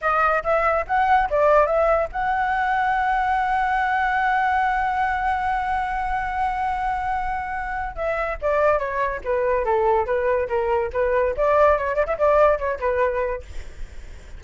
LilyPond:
\new Staff \with { instrumentName = "flute" } { \time 4/4 \tempo 4 = 143 dis''4 e''4 fis''4 d''4 | e''4 fis''2.~ | fis''1~ | fis''1~ |
fis''2. e''4 | d''4 cis''4 b'4 a'4 | b'4 ais'4 b'4 d''4 | cis''8 d''16 e''16 d''4 cis''8 b'4. | }